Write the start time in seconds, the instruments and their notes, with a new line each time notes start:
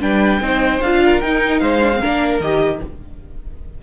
0.00 cello G3, viola D4, violin B4 G5
0.40 cello C4, viola D#4, violin C5
0.81 cello D4, viola F4, violin F5
1.05 violin A#4
1.21 viola D#4, cello D#4, violin G5
1.59 cello G#3, violin C5 F5
1.82 viola D4
1.95 viola C4, violin A#4
2.01 cello A#3, viola D4
2.40 cello D#3, viola G4, violin D#5